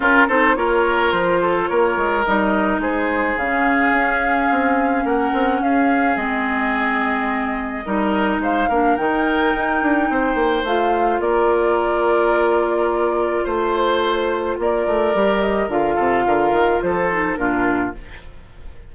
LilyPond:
<<
  \new Staff \with { instrumentName = "flute" } { \time 4/4 \tempo 4 = 107 ais'8 c''8 cis''4 c''4 cis''4 | dis''4 c''4 f''2~ | f''4 fis''4 f''4 dis''4~ | dis''2. f''4 |
g''2. f''4 | d''1 | c''2 d''4. dis''8 | f''2 c''4 ais'4 | }
  \new Staff \with { instrumentName = "oboe" } { \time 4/4 f'8 a'8 ais'4. a'8 ais'4~ | ais'4 gis'2.~ | gis'4 ais'4 gis'2~ | gis'2 ais'4 c''8 ais'8~ |
ais'2 c''2 | ais'1 | c''2 ais'2~ | ais'8 a'8 ais'4 a'4 f'4 | }
  \new Staff \with { instrumentName = "clarinet" } { \time 4/4 cis'8 dis'8 f'2. | dis'2 cis'2~ | cis'2. c'4~ | c'2 dis'4. d'8 |
dis'2. f'4~ | f'1~ | f'2. g'4 | f'2~ f'8 dis'8 d'4 | }
  \new Staff \with { instrumentName = "bassoon" } { \time 4/4 cis'8 c'8 ais4 f4 ais8 gis8 | g4 gis4 cis4 cis'4 | c'4 ais8 c'8 cis'4 gis4~ | gis2 g4 gis8 ais8 |
dis4 dis'8 d'8 c'8 ais8 a4 | ais1 | a2 ais8 a8 g4 | d8 c8 d8 dis8 f4 ais,4 | }
>>